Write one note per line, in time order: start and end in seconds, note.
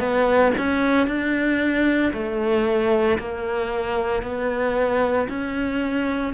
0.00 0.53 B3
0.58 1.07 C#4
1.07 2.12 D4
2.13 3.19 A3
3.19 4.23 A#3
4.23 5.28 B3
5.30 6.34 C#4